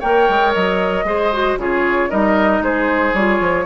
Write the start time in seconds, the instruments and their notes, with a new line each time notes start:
0.00 bassoon A#3, clarinet A#4, oboe C#5, flute G5
0.29 bassoon G#3
0.54 bassoon F#3, flute D#5
1.04 bassoon G#3, clarinet G#4, oboe C5
1.33 clarinet F#4
1.58 bassoon C#3, clarinet F4, oboe G#4, flute C#5
2.10 bassoon G3, clarinet D#4, oboe A#4, flute D#5
2.62 bassoon G#3, oboe G#4, flute C5
3.14 bassoon G3, clarinet F4, flute C#5
3.41 bassoon F3